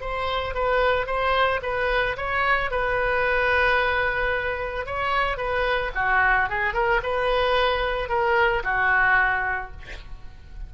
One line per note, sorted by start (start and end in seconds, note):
0.00 0.54 C5
0.54 1.06 B4
1.06 1.60 C5
1.62 2.16 B4
2.16 2.70 C#5
2.70 4.86 B4
4.86 5.37 C#5
5.37 5.91 B4
5.95 6.49 F#4
6.49 6.73 G#4
6.73 7.00 A#4
7.03 8.08 B4
8.08 8.62 A#4
8.63 9.71 F#4